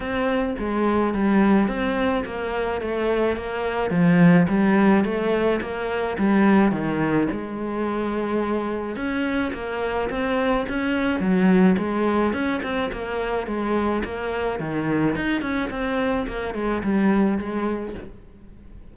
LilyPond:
\new Staff \with { instrumentName = "cello" } { \time 4/4 \tempo 4 = 107 c'4 gis4 g4 c'4 | ais4 a4 ais4 f4 | g4 a4 ais4 g4 | dis4 gis2. |
cis'4 ais4 c'4 cis'4 | fis4 gis4 cis'8 c'8 ais4 | gis4 ais4 dis4 dis'8 cis'8 | c'4 ais8 gis8 g4 gis4 | }